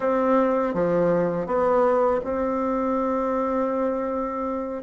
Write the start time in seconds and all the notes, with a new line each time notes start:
0.00 C4
0.74 F3
1.46 B3
2.24 C4